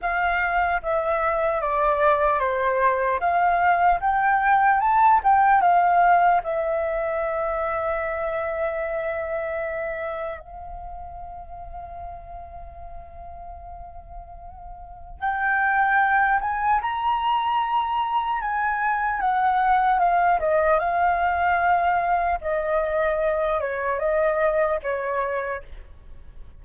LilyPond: \new Staff \with { instrumentName = "flute" } { \time 4/4 \tempo 4 = 75 f''4 e''4 d''4 c''4 | f''4 g''4 a''8 g''8 f''4 | e''1~ | e''4 f''2.~ |
f''2. g''4~ | g''8 gis''8 ais''2 gis''4 | fis''4 f''8 dis''8 f''2 | dis''4. cis''8 dis''4 cis''4 | }